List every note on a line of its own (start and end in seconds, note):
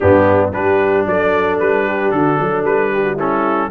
0.00 0.54 G2
0.00 0.52 B3
0.00 0.53 D4
0.00 0.51 G4
0.52 1.06 G3
0.52 3.17 D4
0.52 1.06 G4
0.52 1.06 B4
1.06 1.59 F#3
1.06 1.86 A4
1.06 1.59 D5
1.59 2.11 G3
1.59 2.11 B4
1.86 2.13 G4
2.11 2.38 D3
2.11 2.39 F#4
2.11 2.64 A4
2.39 2.63 F#3
2.39 2.92 A4
2.63 3.69 G3
2.63 3.18 B4
2.93 3.03 G4
3.03 3.15 F#4
3.15 3.70 C#4
3.15 3.68 E4
3.15 3.70 A4